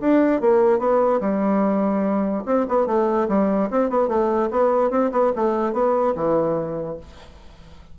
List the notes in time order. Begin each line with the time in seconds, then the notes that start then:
0.00 D4
0.40 A#3
0.78 B3
1.20 G3
2.45 C4
2.68 B3
2.86 A3
3.28 G3
3.70 C4
3.89 B3
4.08 A3
4.50 B3
4.90 C4
5.11 B3
5.35 A3
5.73 B3
6.15 E3